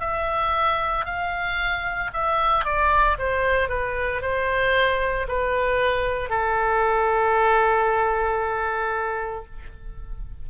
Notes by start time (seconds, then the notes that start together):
0.00 E5
1.05 F5
2.13 E5
2.65 D5
3.18 C5
3.69 B4
4.22 C5
5.28 B4
6.30 A4